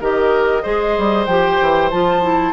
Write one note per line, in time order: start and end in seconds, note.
0.00 0.64 D#3
0.00 0.62 G4
0.00 0.62 A#4
0.00 1.25 D#5
0.62 0.97 G#3
0.62 1.26 G#4
0.62 2.53 C5
0.98 1.26 G3
1.25 1.58 F3
1.25 1.92 G4
1.25 1.89 G5
1.61 1.92 E3
1.90 2.53 F3
1.90 2.22 F4
1.90 2.53 A5
2.22 2.53 E4